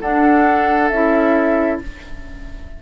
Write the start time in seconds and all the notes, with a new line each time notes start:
0.00 D4 A4 F#5
0.88 C#4 E4 E5